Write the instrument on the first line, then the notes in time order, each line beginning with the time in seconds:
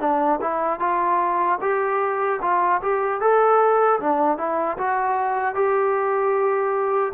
trombone
0.00 D4
0.41 E4
0.79 F4
1.61 G4
2.42 F4
2.82 G4
3.20 A4
4.00 D4
4.37 E4
4.77 F#4
5.54 G4